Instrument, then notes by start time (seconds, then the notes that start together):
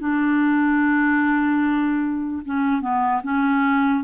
clarinet
0.00 D4
2.46 C#4
2.82 B3
3.24 C#4